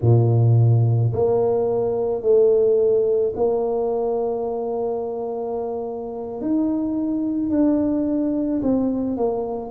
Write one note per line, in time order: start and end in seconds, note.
0.01 1.12 A#2
1.12 2.22 A#3
2.22 3.33 A3
3.35 6.41 A#3
6.41 7.50 D#4
7.50 8.61 D4
8.62 9.17 C4
9.17 9.70 A#3